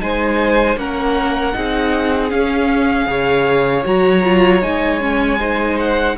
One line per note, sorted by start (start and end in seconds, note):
0.00 0.77 G#3
0.00 0.77 D#4
0.00 0.80 C5
0.00 0.78 G#5
0.77 1.54 A#3
0.77 1.54 C#4
0.77 1.57 A#4
0.77 2.31 F#5
1.54 2.33 C4
1.54 2.30 D#4
1.54 3.11 G#4
2.30 3.07 C#4
2.30 3.08 C#4
2.30 3.84 F5
3.07 3.85 C#3
3.07 3.84 G#4
3.07 5.40 C#5
3.85 4.63 F#3
3.85 4.23 F#4
3.85 4.63 A#5
4.24 4.62 F4
4.62 6.17 G#3
4.62 5.01 D#4
4.62 5.79 G#5
5.01 5.39 C#4
5.40 6.17 D#4
5.40 6.17 C5
5.80 6.18 F#5